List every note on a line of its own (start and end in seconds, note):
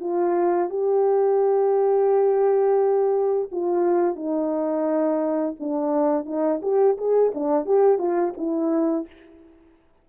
0.00 0.70 F4
0.70 3.49 G4
3.52 4.15 F4
4.15 5.55 D#4
5.59 6.25 D4
6.25 6.60 D#4
6.62 6.97 G4
6.98 7.33 G#4
7.34 7.66 D4
7.66 7.99 G4
7.99 8.33 F4
8.37 9.07 E4